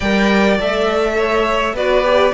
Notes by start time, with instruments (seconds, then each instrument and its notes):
0.00 cello G3, viola A#4, violin D5 G5
0.59 cello A3, viola A4, violin E5
1.17 violin C#5
1.73 cello B3, viola F#4, violin B4 D5
2.03 viola G4